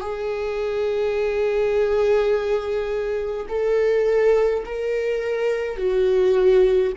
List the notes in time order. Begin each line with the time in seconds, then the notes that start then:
0.00 G#4
3.48 A4
4.65 A#4
5.77 F#4